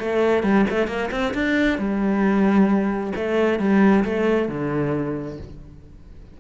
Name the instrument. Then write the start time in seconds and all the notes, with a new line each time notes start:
cello
0.00 A3
0.43 G3
0.70 A3
0.87 A#3
1.11 C4
1.34 D4
1.79 G3
3.15 A3
3.59 G3
4.04 A3
4.49 D3